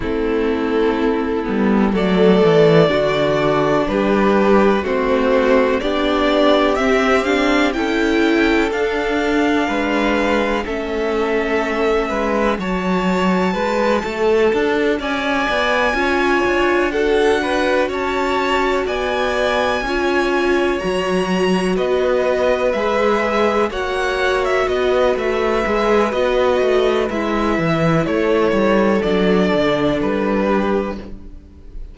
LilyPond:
<<
  \new Staff \with { instrumentName = "violin" } { \time 4/4 \tempo 4 = 62 a'2 d''2 | b'4 c''4 d''4 e''8 f''8 | g''4 f''2 e''4~ | e''4 a''2~ a''8 gis''8~ |
gis''4. fis''4 a''4 gis''8~ | gis''4. ais''4 dis''4 e''8~ | e''8 fis''8. e''16 dis''8 e''4 dis''4 | e''4 cis''4 d''4 b'4 | }
  \new Staff \with { instrumentName = "violin" } { \time 4/4 e'2 a'4 fis'4 | g'4 fis'4 g'2 | a'2 b'4 a'4~ | a'8 b'8 cis''4 b'8 a'4 d''8~ |
d''8 cis''4 a'8 b'8 cis''4 d''8~ | d''8 cis''2 b'4.~ | b'8 cis''4 b'2~ b'8~ | b'4 a'2~ a'8 g'8 | }
  \new Staff \with { instrumentName = "viola" } { \time 4/4 c'4. b8 a4 d'4~ | d'4 c'4 d'4 c'8 d'8 | e'4 d'2 cis'4~ | cis'4 fis'2.~ |
fis'8 f'4 fis'2~ fis'8~ | fis'8 f'4 fis'2 gis'8~ | gis'8 fis'2 gis'8 fis'4 | e'2 d'2 | }
  \new Staff \with { instrumentName = "cello" } { \time 4/4 a4. g8 fis8 e8 d4 | g4 a4 b4 c'4 | cis'4 d'4 gis4 a4~ | a8 gis8 fis4 gis8 a8 d'8 cis'8 |
b8 cis'8 d'4. cis'4 b8~ | b8 cis'4 fis4 b4 gis8~ | gis8 ais4 b8 a8 gis8 b8 a8 | gis8 e8 a8 g8 fis8 d8 g4 | }
>>